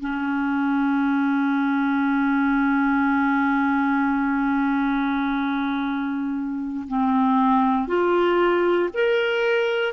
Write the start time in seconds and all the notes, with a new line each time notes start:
0.00 C#4
6.87 C4
7.87 F4
8.94 A#4